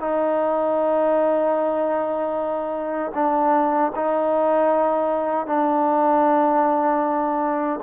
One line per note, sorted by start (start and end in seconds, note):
0.00 3.12 D#4
3.14 3.92 D4
3.95 5.46 D#4
5.46 7.80 D4